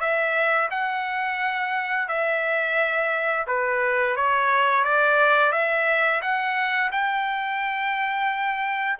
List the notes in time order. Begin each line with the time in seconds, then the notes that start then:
0.00 E5
0.71 F#5
2.08 E5
3.47 B4
4.16 C#5
4.84 D5
5.52 E5
6.22 F#5
6.92 G5